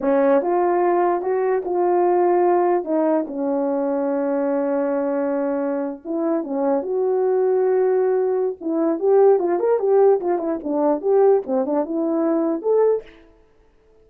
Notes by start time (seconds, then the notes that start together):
0.00 C#4
0.41 F4
1.21 F#4
1.65 F4
2.84 D#4
3.27 C#4
6.04 E4
6.43 C#4
6.82 F#4
8.60 E4
8.99 G4
9.39 F4
9.59 A#4
9.79 G4
10.20 F4
10.38 E4
10.63 D4
11.01 G4
11.46 C4
11.65 D4
11.85 E4
12.62 A4